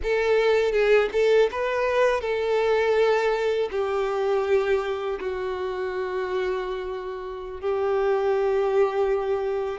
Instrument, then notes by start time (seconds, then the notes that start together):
violin
0.02 A4
0.72 G#4
1.12 A4
1.51 B4
2.21 A4
3.71 G4
5.20 F#4
7.60 G4